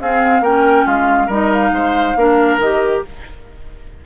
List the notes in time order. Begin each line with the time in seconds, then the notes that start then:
0.00 C4 G#4 F5
0.40 A#3 C#4 A#4 G5
0.85 G#3 F4 F5
1.26 G3 D#4 A#4 D#5
1.53 F5
1.71 G#3 C5
2.15 A#3 D4 A#4
2.57 D#3 G4 D#5